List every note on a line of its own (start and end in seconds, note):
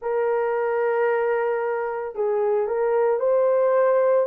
0.01 2.15 A#4
2.15 2.67 G#4
2.67 3.19 A#4
3.19 4.26 C5